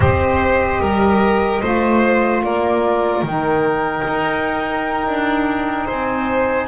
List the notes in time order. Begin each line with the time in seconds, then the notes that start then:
0.00 C4 G4 C5 D#5
0.80 G3 A#4
1.61 A3 F4 C5
2.43 A#3 A#4 D5
3.22 D#3 D#4 G5
4.07 D#4
5.07 D4
5.85 C4 C5 G#5